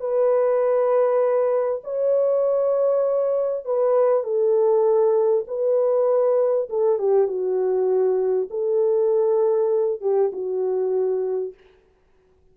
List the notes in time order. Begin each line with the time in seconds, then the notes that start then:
0.00 B4
1.83 C#5
3.65 B4
4.23 A4
5.47 B4
6.69 A4
6.98 G4
7.27 F#4
8.50 A4
10.01 G4
10.33 F#4